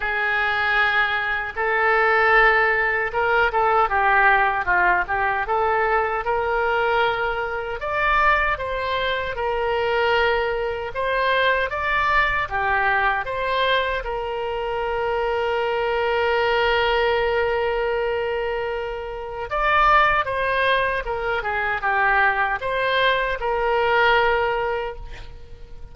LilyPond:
\new Staff \with { instrumentName = "oboe" } { \time 4/4 \tempo 4 = 77 gis'2 a'2 | ais'8 a'8 g'4 f'8 g'8 a'4 | ais'2 d''4 c''4 | ais'2 c''4 d''4 |
g'4 c''4 ais'2~ | ais'1~ | ais'4 d''4 c''4 ais'8 gis'8 | g'4 c''4 ais'2 | }